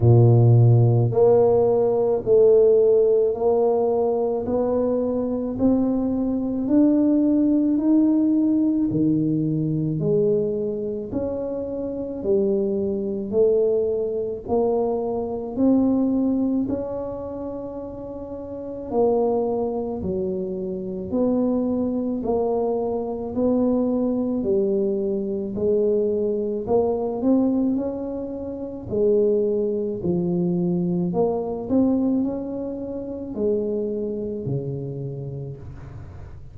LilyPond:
\new Staff \with { instrumentName = "tuba" } { \time 4/4 \tempo 4 = 54 ais,4 ais4 a4 ais4 | b4 c'4 d'4 dis'4 | dis4 gis4 cis'4 g4 | a4 ais4 c'4 cis'4~ |
cis'4 ais4 fis4 b4 | ais4 b4 g4 gis4 | ais8 c'8 cis'4 gis4 f4 | ais8 c'8 cis'4 gis4 cis4 | }